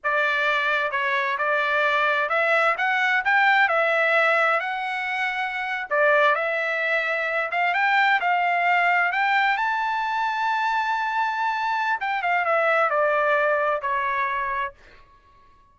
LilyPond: \new Staff \with { instrumentName = "trumpet" } { \time 4/4 \tempo 4 = 130 d''2 cis''4 d''4~ | d''4 e''4 fis''4 g''4 | e''2 fis''2~ | fis''8. d''4 e''2~ e''16~ |
e''16 f''8 g''4 f''2 g''16~ | g''8. a''2.~ a''16~ | a''2 g''8 f''8 e''4 | d''2 cis''2 | }